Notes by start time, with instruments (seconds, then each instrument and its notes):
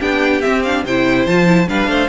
0.00 cello B3, viola D4, violin G4 G5
0.42 viola C4, cello C4, violin E5
0.63 viola D4, violin F5
0.84 cello C3, viola E4, violin C5 G5
1.26 cello F3, viola F4, violin A5
1.46 viola E4
1.68 cello G3, viola D4, violin B4 F5
1.87 cello A3, violin C5